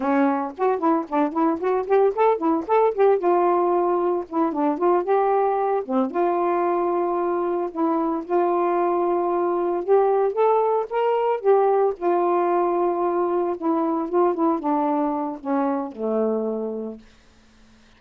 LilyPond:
\new Staff \with { instrumentName = "saxophone" } { \time 4/4 \tempo 4 = 113 cis'4 fis'8 e'8 d'8 e'8 fis'8 g'8 | a'8 e'8 a'8 g'8 f'2 | e'8 d'8 f'8 g'4. c'8 f'8~ | f'2~ f'8 e'4 f'8~ |
f'2~ f'8 g'4 a'8~ | a'8 ais'4 g'4 f'4.~ | f'4. e'4 f'8 e'8 d'8~ | d'4 cis'4 a2 | }